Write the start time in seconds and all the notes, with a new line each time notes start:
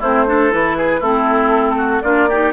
0.00 A3 C4 E4 C5
0.27 D4 A4
0.51 E3 E4 B4
0.77 G#4
1.00 A3 C4 E4 A4
1.78 F#4
2.02 A#3 D4 F4 D5
2.29 D#4 G4